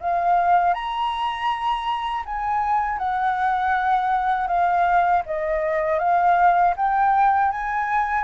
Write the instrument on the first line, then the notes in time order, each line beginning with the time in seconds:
flute
0.00 F5
0.74 A#5
2.25 G#5
2.98 F#5
4.48 F5
5.26 D#5
5.99 F5
6.77 G5
7.51 G#5